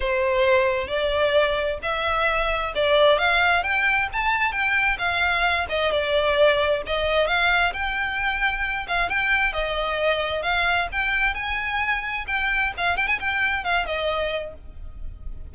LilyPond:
\new Staff \with { instrumentName = "violin" } { \time 4/4 \tempo 4 = 132 c''2 d''2 | e''2 d''4 f''4 | g''4 a''4 g''4 f''4~ | f''8 dis''8 d''2 dis''4 |
f''4 g''2~ g''8 f''8 | g''4 dis''2 f''4 | g''4 gis''2 g''4 | f''8 g''16 gis''16 g''4 f''8 dis''4. | }